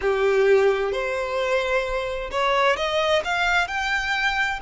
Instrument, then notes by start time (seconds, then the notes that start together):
violin
0.01 G4
0.92 C5
2.31 C#5
2.76 D#5
3.24 F5
3.67 G5